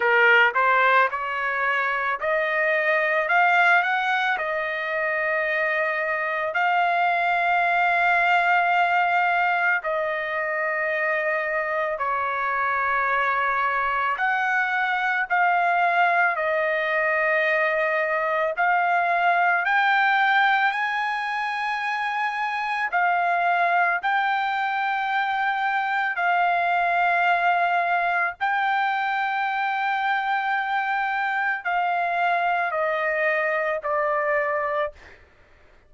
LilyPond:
\new Staff \with { instrumentName = "trumpet" } { \time 4/4 \tempo 4 = 55 ais'8 c''8 cis''4 dis''4 f''8 fis''8 | dis''2 f''2~ | f''4 dis''2 cis''4~ | cis''4 fis''4 f''4 dis''4~ |
dis''4 f''4 g''4 gis''4~ | gis''4 f''4 g''2 | f''2 g''2~ | g''4 f''4 dis''4 d''4 | }